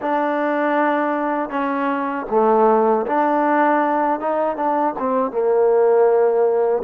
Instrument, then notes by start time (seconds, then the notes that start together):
trombone
0.01 D4
1.49 C#4
2.30 A3
3.06 D4
4.20 D#4
4.56 D4
4.98 C4
5.31 A#3